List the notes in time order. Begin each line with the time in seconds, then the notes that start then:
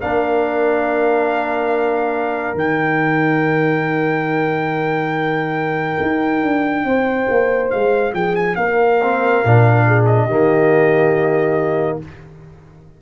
0.00 A#3 D4 A#4 F5
2.54 D#3 D#4 G5
6.01 D#4
6.42 D4
6.84 C4 C5
7.30 A#3
7.70 G#3 F5
8.13 F3 G#4 G5
8.36 G#5
8.56 A#3 A#4 F5
9.02 C4
9.45 A#2 D4
9.87 G#4
10.06 D#5
10.26 D#3 A#3 G4